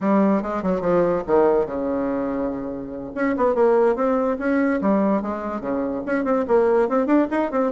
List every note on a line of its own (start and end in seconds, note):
0.00 0.42 G3
0.42 0.62 G#3
0.62 0.80 F#3
0.80 1.22 F3
1.26 1.66 D#3
1.66 3.12 C#3
3.14 3.35 C#4
3.36 3.54 B3
3.54 3.95 A#3
3.95 4.37 C4
4.38 4.80 C#4
4.81 5.22 G3
5.22 5.61 G#3
5.61 6.02 C#3
6.06 6.24 C#4
6.24 6.45 C4
6.47 6.88 A#3
6.88 7.06 C4
7.06 7.27 D4
7.30 7.51 D#4
7.51 7.72 C4